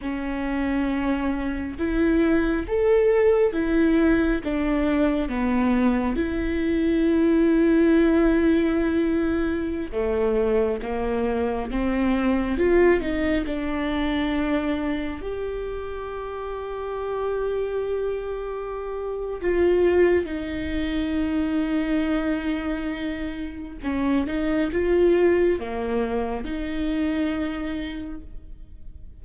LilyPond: \new Staff \with { instrumentName = "viola" } { \time 4/4 \tempo 4 = 68 cis'2 e'4 a'4 | e'4 d'4 b4 e'4~ | e'2.~ e'16 a8.~ | a16 ais4 c'4 f'8 dis'8 d'8.~ |
d'4~ d'16 g'2~ g'8.~ | g'2 f'4 dis'4~ | dis'2. cis'8 dis'8 | f'4 ais4 dis'2 | }